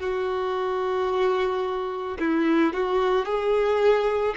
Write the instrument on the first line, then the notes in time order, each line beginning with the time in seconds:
violin
0.00 F#4
2.20 E4
2.74 F#4
3.26 G#4